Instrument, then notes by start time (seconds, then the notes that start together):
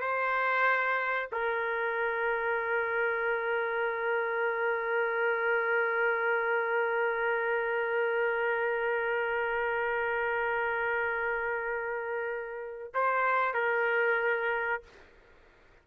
trumpet
0.00 C5
1.32 A#4
12.94 C5
13.53 A#4